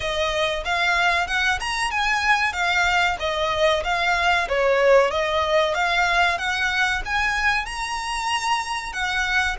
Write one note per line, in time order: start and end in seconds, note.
0.00 0.63 D#5
0.64 1.27 F5
1.27 1.59 F#5
1.60 1.90 A#5
1.90 2.52 G#5
2.52 3.16 F5
3.19 3.83 D#5
3.84 4.47 F5
4.48 5.10 C#5
5.10 5.74 D#5
5.74 6.38 F5
6.38 7.02 F#5
7.05 7.65 G#5
7.65 8.92 A#5
8.92 9.56 F#5